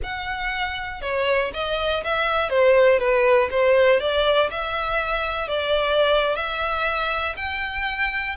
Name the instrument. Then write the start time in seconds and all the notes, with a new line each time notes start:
violin
0.03 F#5
1.01 C#5
1.53 D#5
2.03 E5
2.49 C5
2.99 B4
3.50 C5
4.00 D5
4.50 E5
5.48 D5
6.35 E5
7.36 G5